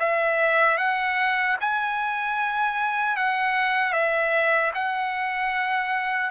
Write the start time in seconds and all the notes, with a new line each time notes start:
0.00 E5
0.78 F#5
1.61 G#5
3.17 F#5
3.93 E5
4.75 F#5